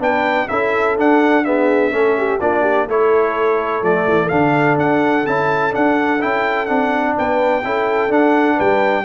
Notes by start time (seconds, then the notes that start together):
0.00 B3 D4 B4 G5
0.49 C#4 E4 A4 E5
0.98 D4 F#5
1.45 B3 G#4 E5
1.92 A3 C#4 A4
2.18 G4
2.41 A#3 D4 F4 D5
2.62 G4
2.87 A3 E4 A4 C#5
3.83 F3 A3 D5
4.08 E3
4.29 D3 D4 F5
4.78 D4 F#5
5.27 C#4 E4 A5
5.72 D4 F#5
6.21 C#4 E4 G5
6.66 C4 D4 F#5
7.18 B3 B4 G5
7.65 C#4 E4 A4
8.10 D4 F#5
8.56 G3 B4 G5